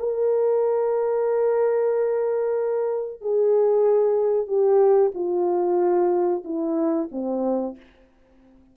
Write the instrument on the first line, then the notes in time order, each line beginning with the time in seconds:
horn
0.00 A#4
3.22 G#4
4.48 G4
5.15 F4
6.45 E4
7.12 C4